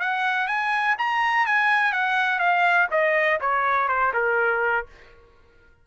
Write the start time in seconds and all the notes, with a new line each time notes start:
0.00 F#5
0.47 G#5
0.98 A#5
1.46 G#5
1.92 F#5
2.39 F5
2.91 D#5
3.40 C#5
3.88 C5
4.13 A#4